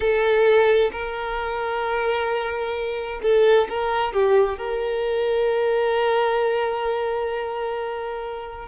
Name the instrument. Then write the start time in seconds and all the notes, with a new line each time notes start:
violin
0.00 A4
0.92 A#4
3.22 A4
3.69 A#4
4.13 G4
4.57 A#4